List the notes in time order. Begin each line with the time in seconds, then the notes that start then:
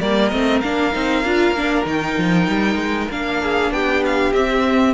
0.00 G3 A#3 A#4 D5
0.29 A3 C4 D#5
0.61 A#3 D4 F5
0.93 C4 D#4
1.24 D4 F4
1.51 A#3 D4
1.85 D#3 D#4 G5
2.18 F3
2.47 G3
2.76 G#3
3.11 A#3 D4 F5
3.42 G#4
3.70 B3 G4 G5
4.05 F5
4.33 C4 E5